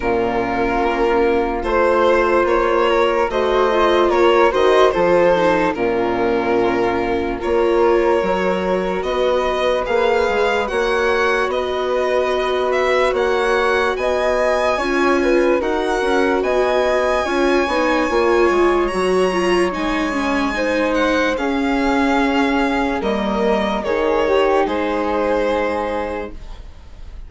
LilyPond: <<
  \new Staff \with { instrumentName = "violin" } { \time 4/4 \tempo 4 = 73 ais'2 c''4 cis''4 | dis''4 cis''8 dis''8 c''4 ais'4~ | ais'4 cis''2 dis''4 | f''4 fis''4 dis''4. e''8 |
fis''4 gis''2 fis''4 | gis''2. ais''4 | gis''4. fis''8 f''2 | dis''4 cis''4 c''2 | }
  \new Staff \with { instrumentName = "flute" } { \time 4/4 f'2 c''4. ais'8 | c''4 ais'8 c''8 a'4 f'4~ | f'4 ais'2 b'4~ | b'4 cis''4 b'2 |
cis''4 dis''4 cis''8 b'8 ais'4 | dis''4 cis''2.~ | cis''4 c''4 gis'2 | ais'4 gis'8 g'8 gis'2 | }
  \new Staff \with { instrumentName = "viola" } { \time 4/4 cis'2 f'2 | fis'8 f'4 fis'8 f'8 dis'8 cis'4~ | cis'4 f'4 fis'2 | gis'4 fis'2.~ |
fis'2 f'4 fis'4~ | fis'4 f'8 dis'8 f'4 fis'8 f'8 | dis'8 cis'8 dis'4 cis'2 | ais4 dis'2. | }
  \new Staff \with { instrumentName = "bassoon" } { \time 4/4 ais,4 ais4 a4 ais4 | a4 ais8 dis8 f4 ais,4~ | ais,4 ais4 fis4 b4 | ais8 gis8 ais4 b2 |
ais4 b4 cis'4 dis'8 cis'8 | b4 cis'8 b8 ais8 gis8 fis4 | gis2 cis'2 | g4 dis4 gis2 | }
>>